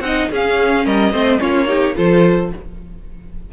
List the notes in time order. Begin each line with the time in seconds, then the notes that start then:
0.00 C4 D#4 D#5 F#5
0.31 C#4 G#4 F5
0.85 G3 A#4 D#5
1.12 A3 C4 C5
1.39 A#3 C#4 F4 C#5
1.66 D#4 G4
1.95 F3 F4 A4 C5